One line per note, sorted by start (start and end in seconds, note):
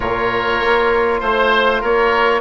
0.00 0.60 A#2
0.00 2.41 F4
0.00 1.20 A#4
0.00 1.20 C#5
0.60 1.20 A#3
1.20 1.82 A3
1.20 1.80 C5
1.20 1.82 C5
1.80 2.41 A#3
1.80 2.41 A#4
1.80 2.41 C#5